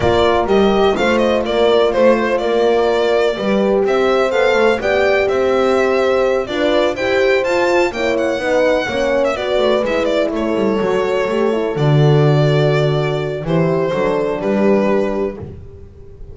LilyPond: <<
  \new Staff \with { instrumentName = "violin" } { \time 4/4 \tempo 4 = 125 d''4 dis''4 f''8 dis''8 d''4 | c''4 d''2. | e''4 f''4 g''4 e''4~ | e''4. d''4 g''4 a''8~ |
a''8 g''8 fis''2~ fis''16 e''16 d''8~ | d''8 e''8 d''8 cis''2~ cis''8~ | cis''8 d''2.~ d''8 | c''2 b'2 | }
  \new Staff \with { instrumentName = "horn" } { \time 4/4 ais'2 c''4 ais'4 | c''4 ais'2 b'4 | c''2 d''4 c''4~ | c''4. b'4 c''4.~ |
c''8 cis''4 b'4 cis''4 b'8~ | b'4. a'2~ a'8~ | a'1 | g'4 a'4 g'2 | }
  \new Staff \with { instrumentName = "horn" } { \time 4/4 f'4 g'4 f'2~ | f'2. g'4~ | g'4 a'4 g'2~ | g'4. f'4 g'4 f'8~ |
f'8 e'4 dis'4 cis'4 fis'8~ | fis'8 e'2 fis'4 g'8 | e'8 fis'2.~ fis'8 | e'4 d'2. | }
  \new Staff \with { instrumentName = "double bass" } { \time 4/4 ais4 g4 a4 ais4 | a4 ais2 g4 | c'4 b8 a8 b4 c'4~ | c'4. d'4 e'4 f'8~ |
f'8 ais4 b4 ais4 b8 | a8 gis4 a8 g8 fis4 a8~ | a8 d2.~ d8 | e4 fis4 g2 | }
>>